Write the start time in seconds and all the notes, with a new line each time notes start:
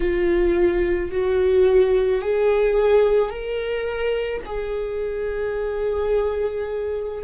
0.00 F4
1.11 F#4
2.21 G#4
3.30 A#4
4.45 G#4